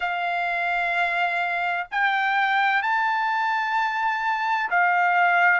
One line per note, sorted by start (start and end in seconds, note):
0.00 1.86 F5
1.91 2.82 G5
2.82 4.70 A5
4.70 5.60 F5